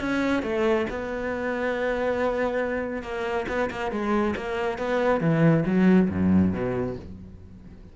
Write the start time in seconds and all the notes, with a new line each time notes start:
0.00 C#4
0.42 A3
0.90 B3
3.02 A#3
3.48 B3
3.71 A#3
3.91 G#3
4.36 A#3
4.78 B3
5.20 E3
5.65 F#3
6.09 F#2
6.53 B2